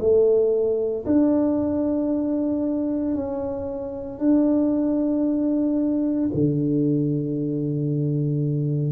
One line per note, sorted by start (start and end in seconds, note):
0.00 1.05 A3
1.06 3.15 D4
3.15 4.19 C#4
4.19 6.30 D4
6.34 8.92 D3